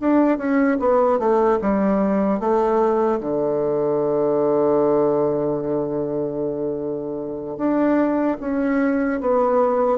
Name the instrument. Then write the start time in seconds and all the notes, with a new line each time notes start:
bassoon
0.00 D4
0.38 C#4
0.79 B3
1.19 A3
1.61 G3
2.40 A3
3.20 D3
7.57 D4
8.40 C#4
9.20 B3